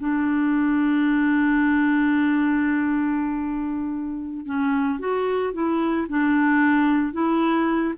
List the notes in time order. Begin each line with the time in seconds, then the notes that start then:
0.00 D4
4.46 C#4
5.00 F#4
5.54 E4
6.09 D4
7.13 E4